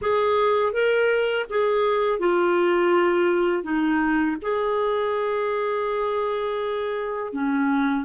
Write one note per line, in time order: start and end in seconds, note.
0.01 0.73 G#4
0.73 1.46 A#4
1.49 2.19 G#4
2.19 3.63 F4
3.63 4.36 D#4
4.41 7.32 G#4
7.32 8.05 C#4